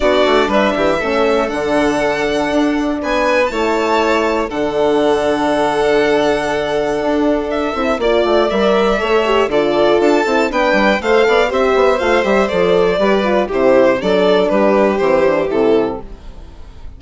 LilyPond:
<<
  \new Staff \with { instrumentName = "violin" } { \time 4/4 \tempo 4 = 120 d''4 e''2 fis''4~ | fis''2 gis''4 a''4~ | a''4 fis''2.~ | fis''2. e''4 |
d''4 e''2 d''4 | a''4 g''4 f''4 e''4 | f''8 e''8 d''2 c''4 | d''4 b'4 c''4 a'4 | }
  \new Staff \with { instrumentName = "violin" } { \time 4/4 fis'4 b'8 g'8 a'2~ | a'2 b'4 cis''4~ | cis''4 a'2.~ | a'1 |
d''2 cis''4 a'4~ | a'4 b'4 c''8 d''8 c''4~ | c''2 b'4 g'4 | a'4 g'2. | }
  \new Staff \with { instrumentName = "horn" } { \time 4/4 d'2 cis'4 d'4~ | d'2. e'4~ | e'4 d'2.~ | d'2.~ d'8 e'8 |
f'4 ais'4 a'8 g'8 f'4~ | f'8 e'8 d'4 a'4 g'4 | f'8 g'8 a'4 g'8 f'8 e'4 | d'2 c'8 d'8 e'4 | }
  \new Staff \with { instrumentName = "bassoon" } { \time 4/4 b8 a8 g8 e8 a4 d4~ | d4 d'4 b4 a4~ | a4 d2.~ | d2 d'4. c'8 |
ais8 a8 g4 a4 d4 | d'8 c'8 b8 g8 a8 b8 c'8 b8 | a8 g8 f4 g4 c4 | fis4 g4 e4 c4 | }
>>